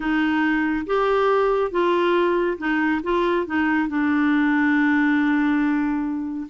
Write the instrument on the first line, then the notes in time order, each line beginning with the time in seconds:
clarinet
0.00 D#4
0.86 G4
1.71 F4
2.58 D#4
3.03 F4
3.46 D#4
3.88 D4